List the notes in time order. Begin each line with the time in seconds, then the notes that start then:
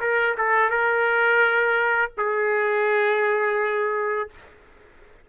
0.00 A#4
0.37 A4
0.70 A#4
2.18 G#4